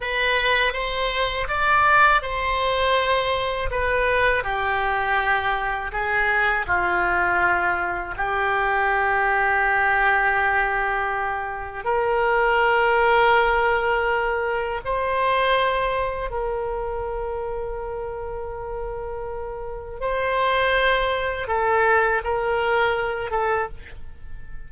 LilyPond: \new Staff \with { instrumentName = "oboe" } { \time 4/4 \tempo 4 = 81 b'4 c''4 d''4 c''4~ | c''4 b'4 g'2 | gis'4 f'2 g'4~ | g'1 |
ais'1 | c''2 ais'2~ | ais'2. c''4~ | c''4 a'4 ais'4. a'8 | }